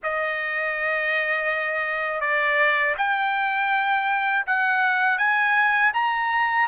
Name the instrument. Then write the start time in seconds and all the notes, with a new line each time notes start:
trumpet
0.03 D#5
2.20 D5
2.97 G5
4.46 F#5
5.18 G#5
5.93 A#5